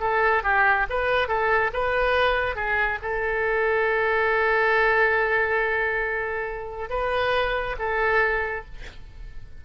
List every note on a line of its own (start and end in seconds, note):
0.00 0.43 A4
0.44 0.87 G4
0.90 1.28 B4
1.28 1.71 A4
1.73 2.56 B4
2.56 2.99 G#4
3.02 6.90 A4
6.90 7.76 B4
7.79 8.65 A4